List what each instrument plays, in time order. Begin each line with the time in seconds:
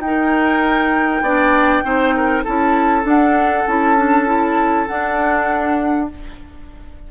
0.00 bassoon D#4, clarinet D#4, flute G5
0.07 oboe A#4
1.22 bassoon B3, clarinet D4, oboe D5
1.84 bassoon C4, clarinet D#4, oboe C5
2.17 oboe A#4
2.44 bassoon C#4, clarinet E4, oboe A4, flute A5
3.03 clarinet D4, bassoon D4, flute F#5
3.67 bassoon C#4, clarinet E4, flute A5
3.97 clarinet D4
4.26 clarinet E4
4.87 clarinet D4, bassoon D4, flute F#5